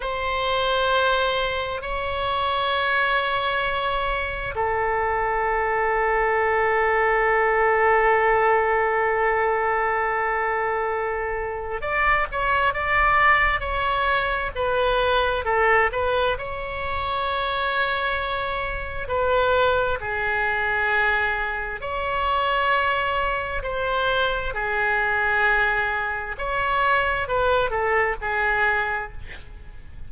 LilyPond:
\new Staff \with { instrumentName = "oboe" } { \time 4/4 \tempo 4 = 66 c''2 cis''2~ | cis''4 a'2.~ | a'1~ | a'4 d''8 cis''8 d''4 cis''4 |
b'4 a'8 b'8 cis''2~ | cis''4 b'4 gis'2 | cis''2 c''4 gis'4~ | gis'4 cis''4 b'8 a'8 gis'4 | }